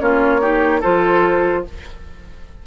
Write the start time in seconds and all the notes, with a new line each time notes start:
0.00 A#3 C#4 F4 C#5
0.41 D#4 G4
0.81 F3 F4 A4 C5